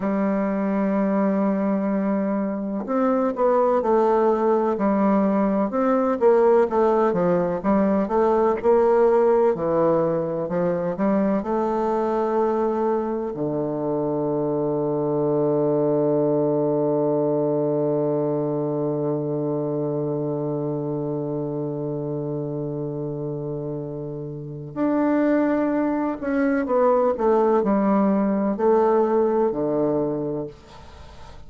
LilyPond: \new Staff \with { instrumentName = "bassoon" } { \time 4/4 \tempo 4 = 63 g2. c'8 b8 | a4 g4 c'8 ais8 a8 f8 | g8 a8 ais4 e4 f8 g8 | a2 d2~ |
d1~ | d1~ | d2 d'4. cis'8 | b8 a8 g4 a4 d4 | }